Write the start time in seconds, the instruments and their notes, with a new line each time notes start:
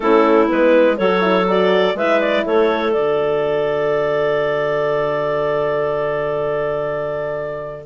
0.00 bassoon A3, horn C#4, clarinet E4 A4
0.47 bassoon G#3, horn B3, clarinet B4
0.97 bassoon F#3, horn F#4, clarinet A4 C#5
1.21 horn E4
1.48 horn F#4, clarinet D5
1.94 bassoon G#3, horn E4, clarinet B4 E5
2.20 clarinet D5
2.44 bassoon A3, clarinet A4 C#5
2.92 bassoon D3, horn F#4, clarinet D5